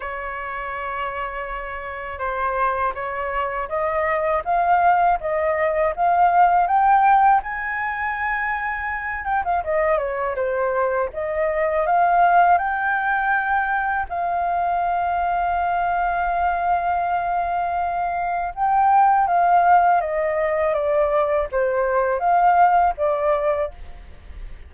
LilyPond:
\new Staff \with { instrumentName = "flute" } { \time 4/4 \tempo 4 = 81 cis''2. c''4 | cis''4 dis''4 f''4 dis''4 | f''4 g''4 gis''2~ | gis''8 g''16 f''16 dis''8 cis''8 c''4 dis''4 |
f''4 g''2 f''4~ | f''1~ | f''4 g''4 f''4 dis''4 | d''4 c''4 f''4 d''4 | }